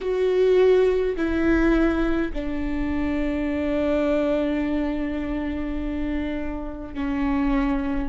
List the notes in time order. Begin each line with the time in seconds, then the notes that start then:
0.00 F#4
1.16 E4
2.33 D4
6.93 C#4